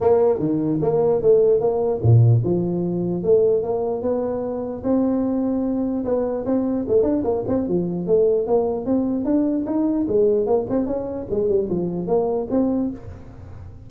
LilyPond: \new Staff \with { instrumentName = "tuba" } { \time 4/4 \tempo 4 = 149 ais4 dis4 ais4 a4 | ais4 ais,4 f2 | a4 ais4 b2 | c'2. b4 |
c'4 a8 d'8 ais8 c'8 f4 | a4 ais4 c'4 d'4 | dis'4 gis4 ais8 c'8 cis'4 | gis8 g8 f4 ais4 c'4 | }